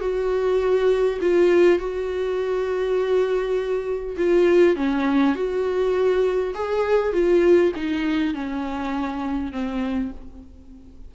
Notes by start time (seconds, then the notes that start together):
0.00 F#4
1.21 F4
1.78 F#4
4.17 F4
4.76 C#4
5.35 F#4
6.54 G#4
7.12 F4
7.75 D#4
8.34 C#4
9.52 C4